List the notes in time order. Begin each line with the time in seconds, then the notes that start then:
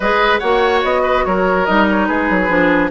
0.00 G#3 G#4 B4 D#5
0.38 A#3 F#4 C#5 F#5
0.83 B3 D#5
1.02 B4
1.25 F#3 A#4 C#5
1.65 G3 D#4 D#5
1.90 C#5
2.05 G#3 G#4 B4
2.29 F#3
2.48 F3 D4